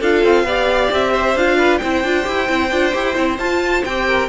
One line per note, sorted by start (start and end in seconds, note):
0.00 0.23 D4
0.00 0.47 F4
0.00 0.45 A4
0.00 0.93 F5
0.23 0.43 C4
0.43 0.88 B3
0.43 1.37 G4
0.43 1.12 D5
0.91 1.35 C4
0.91 1.37 E5
1.12 1.57 C5
1.35 1.81 D4
1.35 1.82 F4
1.35 1.78 F5
1.57 1.80 B4
1.78 2.04 C4
1.78 2.05 E4
1.78 4.06 C5
1.78 3.36 G5
2.04 2.27 D4
2.04 2.23 F4
2.23 2.49 E4
2.23 2.46 G4
2.48 2.71 C4
2.48 2.71 E4
2.71 2.94 D4
2.71 2.93 F4
2.93 3.16 E4
2.93 3.14 G4
3.14 3.38 C4
3.14 3.37 E4
3.38 3.83 F4
3.38 3.86 F4
3.38 3.84 A5
3.84 4.29 C4
3.84 4.29 G4
3.84 4.29 G5
4.07 4.29 A#4